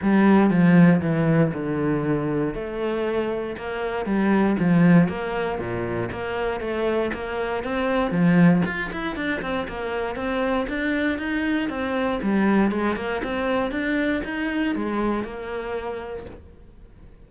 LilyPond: \new Staff \with { instrumentName = "cello" } { \time 4/4 \tempo 4 = 118 g4 f4 e4 d4~ | d4 a2 ais4 | g4 f4 ais4 ais,4 | ais4 a4 ais4 c'4 |
f4 f'8 e'8 d'8 c'8 ais4 | c'4 d'4 dis'4 c'4 | g4 gis8 ais8 c'4 d'4 | dis'4 gis4 ais2 | }